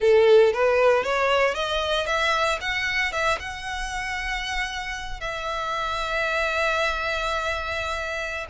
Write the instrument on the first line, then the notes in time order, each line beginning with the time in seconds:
violin
0.00 A4
0.53 B4
1.03 C#5
1.54 D#5
2.06 E5
2.60 F#5
3.12 E5
3.39 F#5
5.20 E5